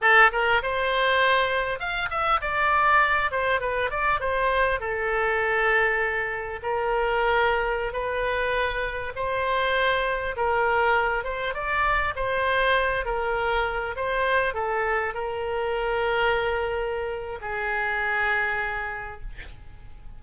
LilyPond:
\new Staff \with { instrumentName = "oboe" } { \time 4/4 \tempo 4 = 100 a'8 ais'8 c''2 f''8 e''8 | d''4. c''8 b'8 d''8 c''4 | a'2. ais'4~ | ais'4~ ais'16 b'2 c''8.~ |
c''4~ c''16 ais'4. c''8 d''8.~ | d''16 c''4. ais'4. c''8.~ | c''16 a'4 ais'2~ ais'8.~ | ais'4 gis'2. | }